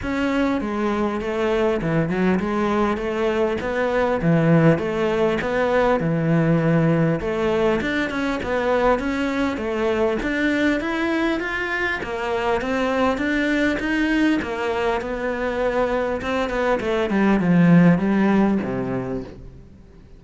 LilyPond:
\new Staff \with { instrumentName = "cello" } { \time 4/4 \tempo 4 = 100 cis'4 gis4 a4 e8 fis8 | gis4 a4 b4 e4 | a4 b4 e2 | a4 d'8 cis'8 b4 cis'4 |
a4 d'4 e'4 f'4 | ais4 c'4 d'4 dis'4 | ais4 b2 c'8 b8 | a8 g8 f4 g4 c4 | }